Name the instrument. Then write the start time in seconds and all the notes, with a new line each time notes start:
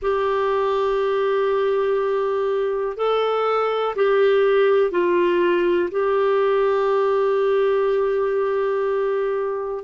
clarinet
0.02 G4
2.96 A4
3.95 G4
4.91 F4
5.91 G4